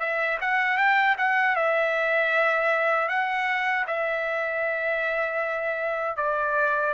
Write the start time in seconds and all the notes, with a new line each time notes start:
0.00 E5
0.41 F#5
0.78 G5
1.18 F#5
1.56 E5
3.09 F#5
3.87 E5
6.17 D5